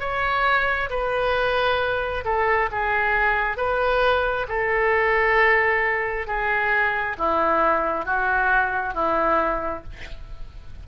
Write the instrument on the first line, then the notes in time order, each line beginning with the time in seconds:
oboe
0.00 C#5
0.90 B4
2.25 A4
2.72 G#4
3.57 B4
4.48 A4
6.27 G#4
7.18 E4
8.06 F#4
8.94 E4